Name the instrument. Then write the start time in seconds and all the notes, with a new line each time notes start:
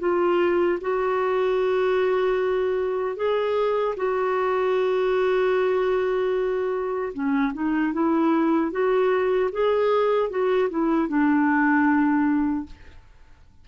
clarinet
0.00 F4
0.81 F#4
3.17 G#4
3.97 F#4
7.13 C#4
7.54 D#4
7.93 E4
8.72 F#4
9.52 G#4
10.30 F#4
10.70 E4
11.08 D4